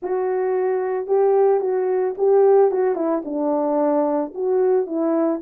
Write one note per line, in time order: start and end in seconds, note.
0.02 1.06 F#4
1.06 1.60 G4
1.60 2.14 F#4
2.17 2.71 G4
2.71 2.95 F#4
2.95 3.22 E4
3.24 4.32 D4
4.34 4.86 F#4
4.86 5.40 E4